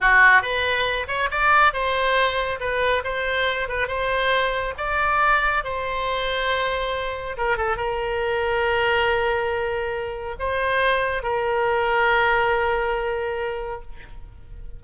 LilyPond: \new Staff \with { instrumentName = "oboe" } { \time 4/4 \tempo 4 = 139 fis'4 b'4. cis''8 d''4 | c''2 b'4 c''4~ | c''8 b'8 c''2 d''4~ | d''4 c''2.~ |
c''4 ais'8 a'8 ais'2~ | ais'1 | c''2 ais'2~ | ais'1 | }